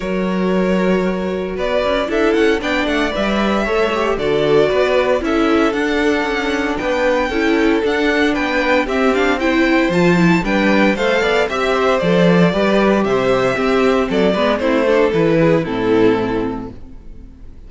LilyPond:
<<
  \new Staff \with { instrumentName = "violin" } { \time 4/4 \tempo 4 = 115 cis''2. d''4 | e''8 fis''8 g''8 fis''8 e''2 | d''2 e''4 fis''4~ | fis''4 g''2 fis''4 |
g''4 e''8 f''8 g''4 a''4 | g''4 f''4 e''4 d''4~ | d''4 e''2 d''4 | c''4 b'4 a'2 | }
  \new Staff \with { instrumentName = "violin" } { \time 4/4 ais'2. b'4 | a'4 d''2 cis''4 | a'4 b'4 a'2~ | a'4 b'4 a'2 |
b'4 g'4 c''2 | b'4 c''8 d''8 e''8 c''4. | b'4 c''4 g'4 a'8 b'8 | e'8 a'4 gis'8 e'2 | }
  \new Staff \with { instrumentName = "viola" } { \time 4/4 fis'1 | e'4 d'4 b'4 a'8 g'8 | fis'2 e'4 d'4~ | d'2 e'4 d'4~ |
d'4 c'8 d'8 e'4 f'8 e'8 | d'4 a'4 g'4 a'4 | g'2 c'4. b8 | c'8 d'8 e'4 c'2 | }
  \new Staff \with { instrumentName = "cello" } { \time 4/4 fis2. b8 cis'8 | d'8 cis'8 b8 a8 g4 a4 | d4 b4 cis'4 d'4 | cis'4 b4 cis'4 d'4 |
b4 c'2 f4 | g4 a8 b8 c'4 f4 | g4 c4 c'4 fis8 gis8 | a4 e4 a,2 | }
>>